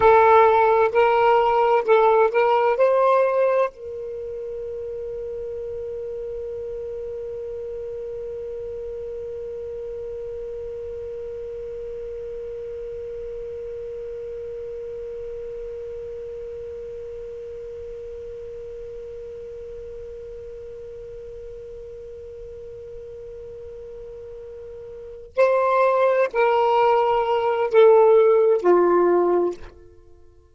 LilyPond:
\new Staff \with { instrumentName = "saxophone" } { \time 4/4 \tempo 4 = 65 a'4 ais'4 a'8 ais'8 c''4 | ais'1~ | ais'1~ | ais'1~ |
ais'1~ | ais'1~ | ais'2.~ ais'8 c''8~ | c''8 ais'4. a'4 f'4 | }